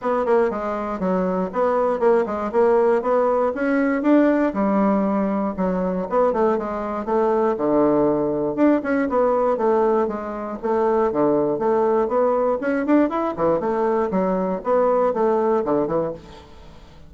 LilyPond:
\new Staff \with { instrumentName = "bassoon" } { \time 4/4 \tempo 4 = 119 b8 ais8 gis4 fis4 b4 | ais8 gis8 ais4 b4 cis'4 | d'4 g2 fis4 | b8 a8 gis4 a4 d4~ |
d4 d'8 cis'8 b4 a4 | gis4 a4 d4 a4 | b4 cis'8 d'8 e'8 e8 a4 | fis4 b4 a4 d8 e8 | }